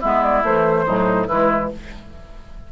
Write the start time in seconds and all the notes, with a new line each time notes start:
0.00 G#3 B3 E4 E5
0.23 D5
0.43 E3 A3 C5
0.86 A2 F#3 D#4
1.26 E3 G#3 E4 B4